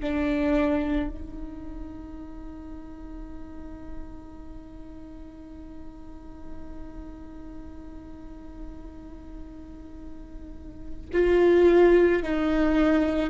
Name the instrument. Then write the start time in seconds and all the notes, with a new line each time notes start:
viola
0.00 D4
1.10 D#4
11.13 F4
12.23 D#4